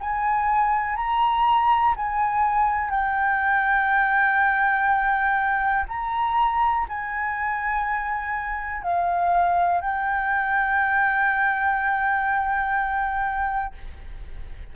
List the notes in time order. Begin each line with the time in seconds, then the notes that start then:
0.00 G#5
0.96 A#5
1.96 G#5
2.90 G5
5.88 A#5
6.89 G#5
8.83 F5
9.81 G5